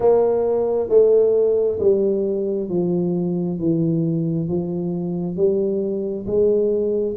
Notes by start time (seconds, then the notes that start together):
0.00 A#3
0.89 A3
1.79 G3
2.69 F3
3.59 E3
4.48 F3
5.36 G3
6.26 G#3